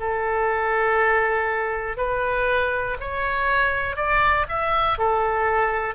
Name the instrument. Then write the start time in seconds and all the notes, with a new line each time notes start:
oboe
0.00 A4
1.97 B4
3.00 C#5
3.96 D5
4.49 E5
4.98 A4